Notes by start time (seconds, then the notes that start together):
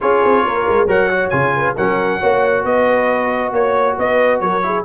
0.00 C#4 F4 G#4 C#5
0.24 C4
0.44 A#3 A#4
0.68 G#3
0.86 F#3 A#4 C#5 F#5
1.10 F#4
1.29 C#3 F4 G#5
1.56 B4
1.75 F#3 C#4 A#4 F#5
2.19 A#3 F#4 C#5
2.64 B3 B4 D#5
3.52 A#3 C#5
3.98 B3 B4 D#5
4.40 F#3 A#4 C#5
4.62 E4 G#4